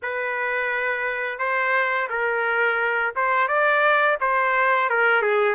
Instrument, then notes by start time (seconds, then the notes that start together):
trumpet
0.02 B4
1.38 C5
2.09 A#4
3.15 C5
3.48 D5
4.20 C5
4.89 A#4
5.22 G#4